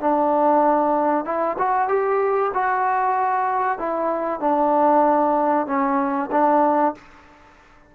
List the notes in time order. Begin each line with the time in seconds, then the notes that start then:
0.00 D4
1.25 E4
1.58 F#4
1.88 G4
2.54 F#4
3.78 E4
4.40 D4
5.66 C#4
6.31 D4